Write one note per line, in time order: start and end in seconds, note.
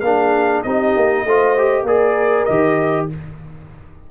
0.00 0.62 A#3
0.00 0.65 D4
0.00 0.64 G#4
0.00 0.61 F5
0.63 0.95 C4
0.63 1.26 D#4
0.63 1.26 G4
0.63 1.85 D#5
0.96 1.24 A#3
1.24 1.83 A3
1.24 1.57 F4
1.24 1.85 C5
1.57 1.87 G4
1.83 2.44 A#3
1.83 2.48 G#4
1.83 3.07 A#4
1.83 2.45 D5
2.45 3.10 D#3
2.45 3.10 G4
2.45 3.06 D#5